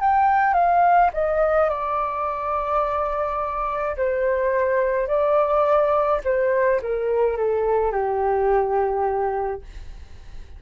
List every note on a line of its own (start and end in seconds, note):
0.00 0.54 G5
0.54 1.10 F5
1.13 1.69 D#5
1.69 3.96 D5
3.96 5.07 C5
5.07 6.21 D5
6.24 6.80 C5
6.81 7.37 A#4
7.37 7.91 A4
7.91 9.61 G4